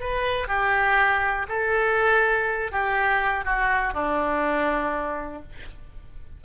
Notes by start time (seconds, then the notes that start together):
0.00 B4
0.47 G4
1.48 A4
2.71 G4
3.45 F#4
3.93 D4